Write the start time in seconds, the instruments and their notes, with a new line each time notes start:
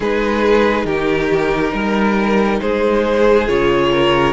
0.00 cello G#3, viola D#4, violin G#4 B4
0.84 cello D#3, violin G4 A#4
1.73 cello G3, violin A#4
2.61 cello G#3, violin G#4 C5
3.47 cello C#3, viola F4, violin C#5
3.91 violin A#4